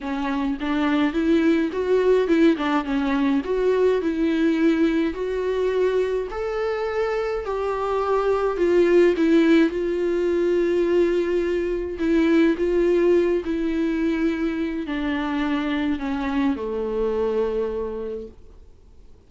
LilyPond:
\new Staff \with { instrumentName = "viola" } { \time 4/4 \tempo 4 = 105 cis'4 d'4 e'4 fis'4 | e'8 d'8 cis'4 fis'4 e'4~ | e'4 fis'2 a'4~ | a'4 g'2 f'4 |
e'4 f'2.~ | f'4 e'4 f'4. e'8~ | e'2 d'2 | cis'4 a2. | }